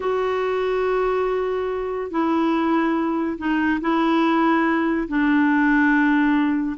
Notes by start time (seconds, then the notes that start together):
0.00 F#4
2.10 E4
3.37 D#4
3.80 E4
5.08 D4